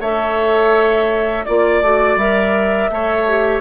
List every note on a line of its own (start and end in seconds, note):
0.00 1.45 A3
0.00 1.47 A4
0.00 1.45 C#5
0.00 1.45 E5
1.45 1.81 A#3
1.45 1.83 F4
1.45 2.17 D5
1.45 2.90 D5
1.81 2.16 A3
1.81 2.19 F#4
2.16 2.88 G3
2.16 2.91 A#4
2.16 3.60 E5
2.90 3.60 A3
2.90 3.27 A4
2.90 3.60 C#5
3.28 3.60 G4